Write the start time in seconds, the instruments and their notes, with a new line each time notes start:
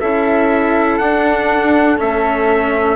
0.00 bassoon C#4, cello E4, flute A4, trumpet E5
0.98 bassoon D4, cello D4, trumpet F#5
1.98 bassoon A3, cello C#4, trumpet E5